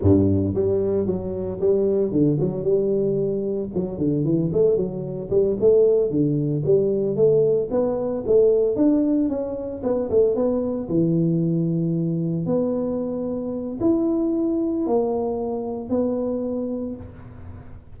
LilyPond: \new Staff \with { instrumentName = "tuba" } { \time 4/4 \tempo 4 = 113 g,4 g4 fis4 g4 | d8 fis8 g2 fis8 d8 | e8 a8 fis4 g8 a4 d8~ | d8 g4 a4 b4 a8~ |
a8 d'4 cis'4 b8 a8 b8~ | b8 e2. b8~ | b2 e'2 | ais2 b2 | }